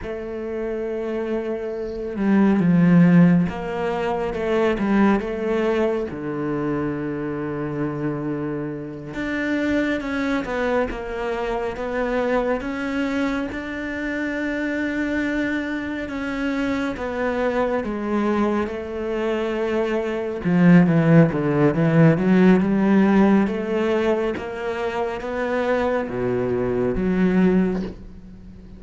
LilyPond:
\new Staff \with { instrumentName = "cello" } { \time 4/4 \tempo 4 = 69 a2~ a8 g8 f4 | ais4 a8 g8 a4 d4~ | d2~ d8 d'4 cis'8 | b8 ais4 b4 cis'4 d'8~ |
d'2~ d'8 cis'4 b8~ | b8 gis4 a2 f8 | e8 d8 e8 fis8 g4 a4 | ais4 b4 b,4 fis4 | }